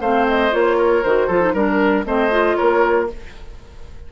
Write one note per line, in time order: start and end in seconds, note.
0.00 0.51 A3
0.00 0.51 C4
0.00 0.77 C5
0.00 0.26 F5
0.28 0.53 D#5
0.51 1.04 A#3
0.51 1.02 F4
0.51 1.03 C#5
0.77 1.27 A#4
1.03 1.28 D#3
1.03 1.30 F#4
1.03 1.54 C5
1.27 1.53 F3
1.27 1.41 F4
1.27 1.52 A4
1.41 1.54 D#4
1.53 2.05 G3
1.53 2.04 D4
1.53 2.05 A#4
2.04 2.56 A3
2.04 2.30 C4
2.04 2.57 C5
2.04 2.55 D#5
2.30 3.07 F4
2.55 3.12 A#3
2.55 3.08 A#4
2.55 3.07 C#5